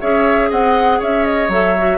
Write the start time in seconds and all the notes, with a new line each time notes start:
0.00 C#4 G#4 C#5 E5
0.49 C4 D#5 F#5
0.99 C#4 C#5 E5
1.25 D#5
1.48 F#3 A4 E5
1.77 F#4